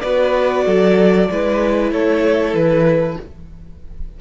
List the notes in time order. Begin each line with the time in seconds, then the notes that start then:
0.00 B3 F#4 B4 D5
0.65 F#3 A4
1.30 G#3 E4 B4
1.91 A3 A4 C#5
2.53 E3 B4